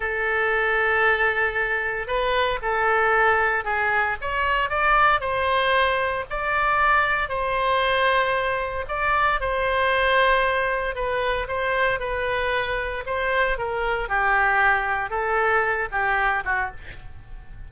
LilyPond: \new Staff \with { instrumentName = "oboe" } { \time 4/4 \tempo 4 = 115 a'1 | b'4 a'2 gis'4 | cis''4 d''4 c''2 | d''2 c''2~ |
c''4 d''4 c''2~ | c''4 b'4 c''4 b'4~ | b'4 c''4 ais'4 g'4~ | g'4 a'4. g'4 fis'8 | }